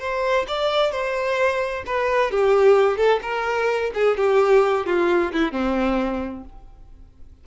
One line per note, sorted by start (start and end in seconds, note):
0.00 0.46 C5
0.48 0.92 D5
0.92 1.84 C5
1.87 2.31 B4
2.31 2.97 G4
2.97 3.20 A4
3.22 3.91 A#4
3.94 4.17 G#4
4.17 4.86 G4
4.86 5.32 F4
5.33 5.52 E4
5.52 6.44 C4